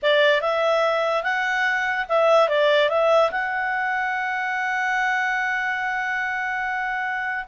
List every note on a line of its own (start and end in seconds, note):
0.02 0.41 D5
0.41 1.23 E5
1.23 2.05 F#5
2.08 2.48 E5
2.48 2.89 D5
2.89 3.30 E5
3.31 7.45 F#5